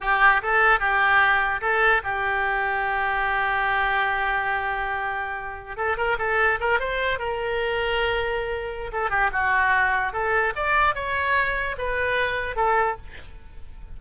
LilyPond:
\new Staff \with { instrumentName = "oboe" } { \time 4/4 \tempo 4 = 148 g'4 a'4 g'2 | a'4 g'2.~ | g'1~ | g'2~ g'16 a'8 ais'8 a'8.~ |
a'16 ais'8 c''4 ais'2~ ais'16~ | ais'2 a'8 g'8 fis'4~ | fis'4 a'4 d''4 cis''4~ | cis''4 b'2 a'4 | }